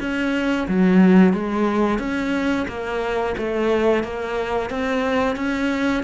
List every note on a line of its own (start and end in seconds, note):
0.00 0.67 C#4
0.68 1.33 F#3
1.33 1.99 G#3
1.99 2.67 C#4
2.68 3.36 A#3
3.38 4.04 A3
4.04 4.70 A#3
4.70 5.36 C4
5.36 6.04 C#4